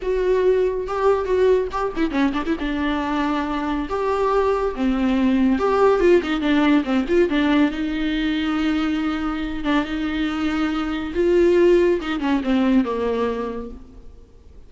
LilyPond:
\new Staff \with { instrumentName = "viola" } { \time 4/4 \tempo 4 = 140 fis'2 g'4 fis'4 | g'8 e'8 cis'8 d'16 e'16 d'2~ | d'4 g'2 c'4~ | c'4 g'4 f'8 dis'8 d'4 |
c'8 f'8 d'4 dis'2~ | dis'2~ dis'8 d'8 dis'4~ | dis'2 f'2 | dis'8 cis'8 c'4 ais2 | }